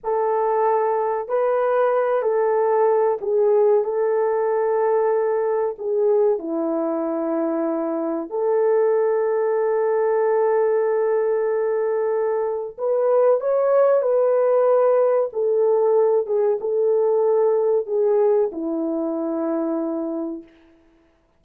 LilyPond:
\new Staff \with { instrumentName = "horn" } { \time 4/4 \tempo 4 = 94 a'2 b'4. a'8~ | a'4 gis'4 a'2~ | a'4 gis'4 e'2~ | e'4 a'2.~ |
a'1 | b'4 cis''4 b'2 | a'4. gis'8 a'2 | gis'4 e'2. | }